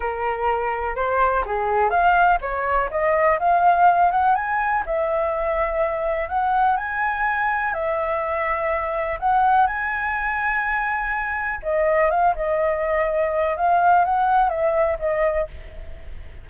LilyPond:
\new Staff \with { instrumentName = "flute" } { \time 4/4 \tempo 4 = 124 ais'2 c''4 gis'4 | f''4 cis''4 dis''4 f''4~ | f''8 fis''8 gis''4 e''2~ | e''4 fis''4 gis''2 |
e''2. fis''4 | gis''1 | dis''4 f''8 dis''2~ dis''8 | f''4 fis''4 e''4 dis''4 | }